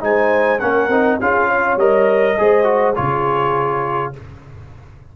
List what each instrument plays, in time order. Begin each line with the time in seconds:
0.00 tuba G#3, trombone D#4, horn C5, trumpet G#5
0.60 tuba A#3, trombone C#4, horn A#4, trumpet F#5
0.89 tuba C4, trombone D#4
1.21 tuba C#4, trombone F4, horn G#4, trumpet F5
1.48 horn C#5
1.76 tuba G3, trombone A#4, trumpet D#5
2.38 tuba G#3, trombone G#4, horn C5
2.64 trombone F#4
2.95 tuba C#3, trombone F4, horn G#4, trumpet C#5